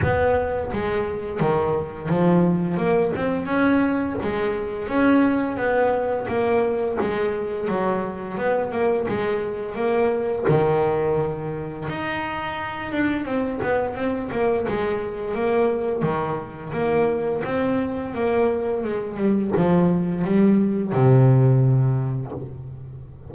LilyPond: \new Staff \with { instrumentName = "double bass" } { \time 4/4 \tempo 4 = 86 b4 gis4 dis4 f4 | ais8 c'8 cis'4 gis4 cis'4 | b4 ais4 gis4 fis4 | b8 ais8 gis4 ais4 dis4~ |
dis4 dis'4. d'8 c'8 b8 | c'8 ais8 gis4 ais4 dis4 | ais4 c'4 ais4 gis8 g8 | f4 g4 c2 | }